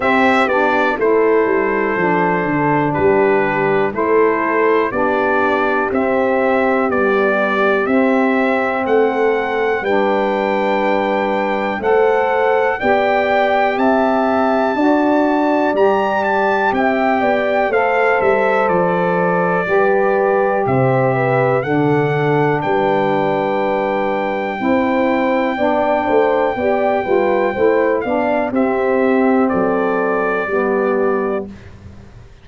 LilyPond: <<
  \new Staff \with { instrumentName = "trumpet" } { \time 4/4 \tempo 4 = 61 e''8 d''8 c''2 b'4 | c''4 d''4 e''4 d''4 | e''4 fis''4 g''2 | fis''4 g''4 a''2 |
ais''8 a''8 g''4 f''8 e''8 d''4~ | d''4 e''4 fis''4 g''4~ | g''1~ | g''8 f''8 e''4 d''2 | }
  \new Staff \with { instrumentName = "horn" } { \time 4/4 g'4 a'2 g'4 | a'4 g'2.~ | g'4 a'4 b'2 | c''4 d''4 e''4 d''4~ |
d''4 e''8 d''8 c''2 | b'4 c''8 b'8 a'4 b'4~ | b'4 c''4 d''8 c''8 d''8 b'8 | c''8 d''8 g'4 a'4 g'4 | }
  \new Staff \with { instrumentName = "saxophone" } { \time 4/4 c'8 d'8 e'4 d'2 | e'4 d'4 c'4 g4 | c'2 d'2 | a'4 g'2 fis'4 |
g'2 a'2 | g'2 d'2~ | d'4 e'4 d'4 g'8 f'8 | e'8 d'8 c'2 b4 | }
  \new Staff \with { instrumentName = "tuba" } { \time 4/4 c'8 b8 a8 g8 f8 d8 g4 | a4 b4 c'4 b4 | c'4 a4 g2 | a4 b4 c'4 d'4 |
g4 c'8 b8 a8 g8 f4 | g4 c4 d4 g4~ | g4 c'4 b8 a8 b8 g8 | a8 b8 c'4 fis4 g4 | }
>>